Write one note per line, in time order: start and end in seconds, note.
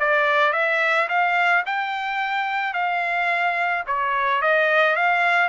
0.00 0.53 D5
0.53 1.08 E5
1.09 1.64 F5
1.66 2.74 G5
2.74 3.84 F5
3.87 4.42 C#5
4.42 4.96 D#5
4.96 5.49 F5